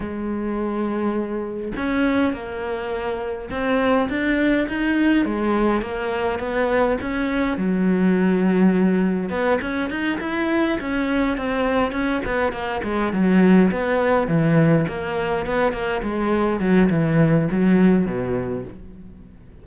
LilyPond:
\new Staff \with { instrumentName = "cello" } { \time 4/4 \tempo 4 = 103 gis2. cis'4 | ais2 c'4 d'4 | dis'4 gis4 ais4 b4 | cis'4 fis2. |
b8 cis'8 dis'8 e'4 cis'4 c'8~ | c'8 cis'8 b8 ais8 gis8 fis4 b8~ | b8 e4 ais4 b8 ais8 gis8~ | gis8 fis8 e4 fis4 b,4 | }